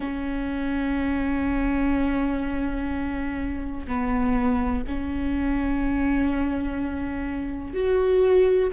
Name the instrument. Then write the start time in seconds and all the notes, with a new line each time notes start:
viola
0.00 C#4
3.87 B3
4.87 C#4
7.73 F#4